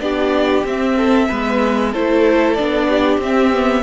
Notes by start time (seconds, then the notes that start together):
0.00 B3 D4 G4 D5
0.64 C4 E5
0.97 A4
1.28 G#3 B3 B4
1.91 A3 E4 A4 C5
2.54 B3 D4 D5
2.88 G4
3.18 C4 E5
3.52 B3